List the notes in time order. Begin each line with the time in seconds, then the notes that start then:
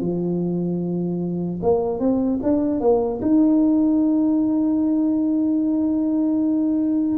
0.00 F3
1.62 A#3
1.99 C4
2.42 D4
2.80 A#3
3.21 D#4